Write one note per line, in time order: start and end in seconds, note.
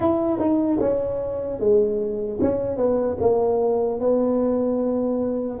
0.00 0.39 E4
0.39 0.79 D#4
0.80 1.59 C#4
1.59 2.39 G#3
2.41 2.76 C#4
2.76 3.16 B3
3.20 4.00 A#3
4.00 5.60 B3